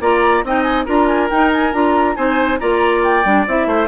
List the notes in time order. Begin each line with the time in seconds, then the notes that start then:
0.00 A#3 F4 D5 A#5
0.43 C4 D#4 D#5 G5
0.62 G#5
0.85 D4 F4 A#4 A#5
1.07 G#5
1.30 D#4 G5
1.53 G#5
1.73 D4 F4 A#5
2.15 C4 D#4 C5 G#5
2.59 A#3 F4 D5 A#5
3.03 G5
3.24 G3 D4
3.47 C4 E4 E5
3.66 A3 C5